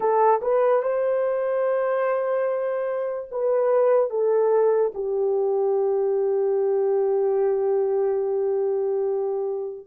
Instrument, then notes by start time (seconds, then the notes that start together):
horn
0.00 A4
0.41 B4
0.82 C5
3.31 B4
4.10 A4
4.94 G4